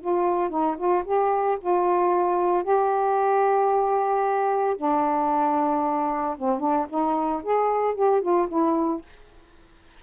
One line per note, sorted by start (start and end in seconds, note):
0.00 0.49 F4
0.49 0.76 D#4
0.77 1.03 F4
1.05 1.58 G4
1.60 2.63 F4
2.63 4.76 G4
4.77 6.36 D4
6.38 6.59 C4
6.59 6.86 D4
6.89 7.42 D#4
7.43 7.95 G#4
7.95 8.21 G4
8.21 8.48 F4
8.48 9.01 E4